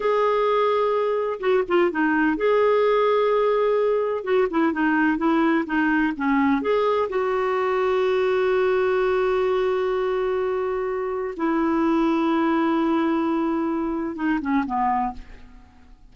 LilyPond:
\new Staff \with { instrumentName = "clarinet" } { \time 4/4 \tempo 4 = 127 gis'2. fis'8 f'8 | dis'4 gis'2.~ | gis'4 fis'8 e'8 dis'4 e'4 | dis'4 cis'4 gis'4 fis'4~ |
fis'1~ | fis'1 | e'1~ | e'2 dis'8 cis'8 b4 | }